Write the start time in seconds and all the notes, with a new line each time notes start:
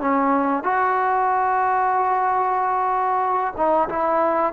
0.00 C#4
0.63 F#4
3.56 D#4
3.89 E4